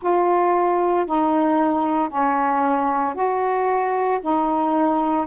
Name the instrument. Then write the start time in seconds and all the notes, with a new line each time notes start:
saxophone
0.01 F4
1.05 D#4
2.09 C#4
3.14 F#4
4.21 D#4